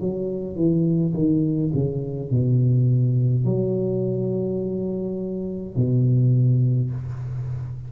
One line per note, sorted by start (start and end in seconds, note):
0.00 0.56 F#3
0.56 1.13 E3
1.14 1.72 D#3
1.74 2.31 C#3
2.31 3.45 B2
3.45 5.76 F#3
5.76 6.91 B2